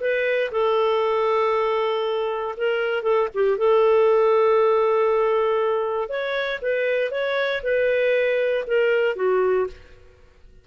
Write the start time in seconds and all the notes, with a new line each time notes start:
0.00 B4
0.51 A4
2.57 A#4
3.02 A4
3.34 G4
3.57 A4
6.09 C#5
6.61 B4
7.10 C#5
7.63 B4
8.67 A#4
9.15 F#4